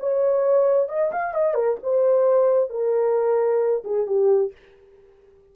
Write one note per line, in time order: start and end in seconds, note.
0.00 0.89 C#5
0.89 1.12 D#5
1.12 1.35 F5
1.35 1.55 D#5
1.55 1.77 A#4
1.83 2.70 C5
2.70 3.84 A#4
3.85 4.07 G#4
4.07 4.53 G4